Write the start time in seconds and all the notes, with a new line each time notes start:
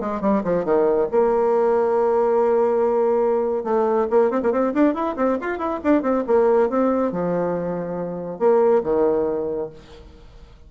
0.00 G#3
0.21 G3
0.43 F3
0.64 D#3
1.11 A#3
3.64 A3
4.10 A#3
4.30 C4
4.42 A#3
4.51 C4
4.73 D4
4.94 E4
5.16 C4
5.41 F4
5.58 E4
5.84 D4
6.02 C4
6.27 A#3
6.69 C4
7.12 F3
8.39 A#3
8.83 D#3